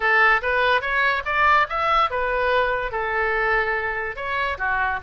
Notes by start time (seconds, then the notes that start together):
0.00 A4
0.42 B4
0.81 C#5
1.25 D5
1.69 E5
2.10 B4
2.91 A4
4.16 C#5
4.58 F#4